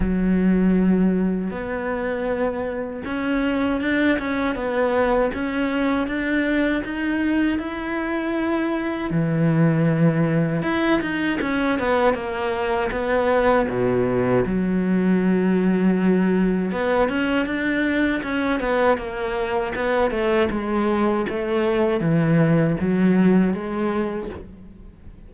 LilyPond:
\new Staff \with { instrumentName = "cello" } { \time 4/4 \tempo 4 = 79 fis2 b2 | cis'4 d'8 cis'8 b4 cis'4 | d'4 dis'4 e'2 | e2 e'8 dis'8 cis'8 b8 |
ais4 b4 b,4 fis4~ | fis2 b8 cis'8 d'4 | cis'8 b8 ais4 b8 a8 gis4 | a4 e4 fis4 gis4 | }